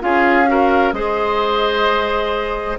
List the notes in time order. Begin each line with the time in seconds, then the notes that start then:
0.00 C#4 F4 G#4 F5
0.46 F#4 A#4
0.93 G#3 G#4 C5 D#5